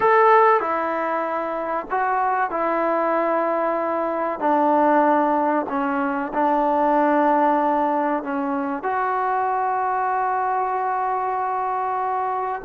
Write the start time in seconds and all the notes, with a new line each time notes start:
0.00 A4
0.60 E4
1.90 F#4
2.50 E4
4.39 D4
5.69 C#4
6.33 D4
8.23 C#4
8.82 F#4